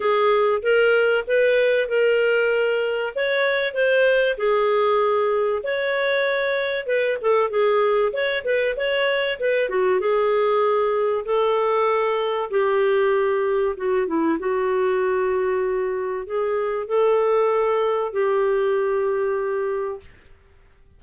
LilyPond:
\new Staff \with { instrumentName = "clarinet" } { \time 4/4 \tempo 4 = 96 gis'4 ais'4 b'4 ais'4~ | ais'4 cis''4 c''4 gis'4~ | gis'4 cis''2 b'8 a'8 | gis'4 cis''8 b'8 cis''4 b'8 fis'8 |
gis'2 a'2 | g'2 fis'8 e'8 fis'4~ | fis'2 gis'4 a'4~ | a'4 g'2. | }